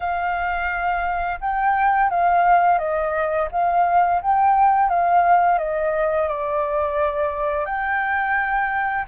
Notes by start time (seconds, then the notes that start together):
0.00 F5
1.40 G5
2.10 F5
2.78 D#5
3.51 F5
4.21 G5
4.89 F5
5.58 D#5
6.28 D5
7.65 G5